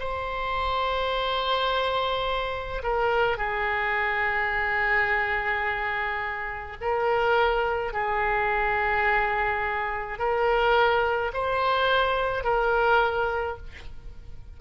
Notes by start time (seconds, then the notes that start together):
0.00 C5
2.83 A#4
3.38 G#4
6.81 A#4
7.93 G#4
10.19 A#4
11.34 C5
12.44 A#4